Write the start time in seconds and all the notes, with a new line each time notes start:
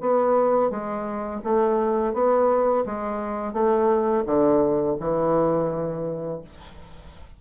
0.00 B3
0.70 G#3
1.43 A3
2.13 B3
2.86 G#3
3.53 A3
4.25 D3
5.00 E3